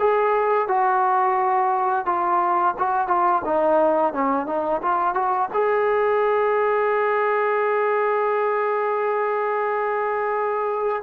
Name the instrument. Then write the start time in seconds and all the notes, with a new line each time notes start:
trombone
0.00 G#4
0.68 F#4
2.06 F4
2.79 F#4
3.08 F4
3.45 D#4
4.13 C#4
4.47 D#4
4.82 F4
5.14 F#4
5.54 G#4